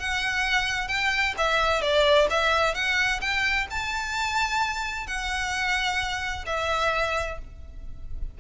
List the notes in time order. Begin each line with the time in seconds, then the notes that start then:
0.00 F#5
0.88 G5
1.38 E5
1.82 D5
2.30 E5
2.75 F#5
3.21 G5
3.70 A5
5.07 F#5
6.46 E5